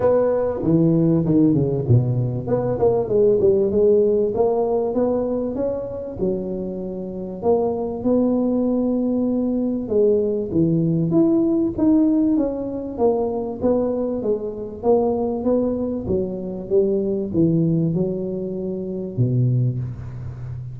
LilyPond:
\new Staff \with { instrumentName = "tuba" } { \time 4/4 \tempo 4 = 97 b4 e4 dis8 cis8 b,4 | b8 ais8 gis8 g8 gis4 ais4 | b4 cis'4 fis2 | ais4 b2. |
gis4 e4 e'4 dis'4 | cis'4 ais4 b4 gis4 | ais4 b4 fis4 g4 | e4 fis2 b,4 | }